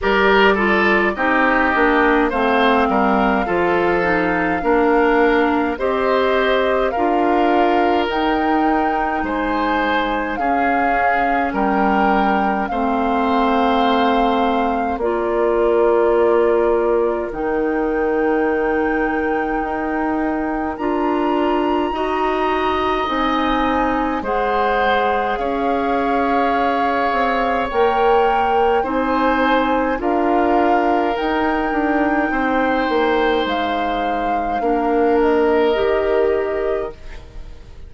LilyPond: <<
  \new Staff \with { instrumentName = "flute" } { \time 4/4 \tempo 4 = 52 d''4 dis''4 f''2~ | f''4 dis''4 f''4 g''4 | gis''4 f''4 g''4 f''4~ | f''4 d''2 g''4~ |
g''2 ais''2 | gis''4 fis''4 f''2 | g''4 gis''4 f''4 g''4~ | g''4 f''4. dis''4. | }
  \new Staff \with { instrumentName = "oboe" } { \time 4/4 ais'8 a'8 g'4 c''8 ais'8 a'4 | ais'4 c''4 ais'2 | c''4 gis'4 ais'4 c''4~ | c''4 ais'2.~ |
ais'2. dis''4~ | dis''4 c''4 cis''2~ | cis''4 c''4 ais'2 | c''2 ais'2 | }
  \new Staff \with { instrumentName = "clarinet" } { \time 4/4 g'8 f'8 dis'8 d'8 c'4 f'8 dis'8 | d'4 g'4 f'4 dis'4~ | dis'4 cis'2 c'4~ | c'4 f'2 dis'4~ |
dis'2 f'4 fis'4 | dis'4 gis'2. | ais'4 dis'4 f'4 dis'4~ | dis'2 d'4 g'4 | }
  \new Staff \with { instrumentName = "bassoon" } { \time 4/4 g4 c'8 ais8 a8 g8 f4 | ais4 c'4 d'4 dis'4 | gis4 cis'4 g4 a4~ | a4 ais2 dis4~ |
dis4 dis'4 d'4 dis'4 | c'4 gis4 cis'4. c'8 | ais4 c'4 d'4 dis'8 d'8 | c'8 ais8 gis4 ais4 dis4 | }
>>